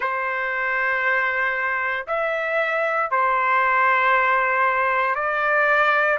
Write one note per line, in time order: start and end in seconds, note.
0.00 2.06 C5
2.07 3.10 E5
3.10 5.14 C5
5.14 6.18 D5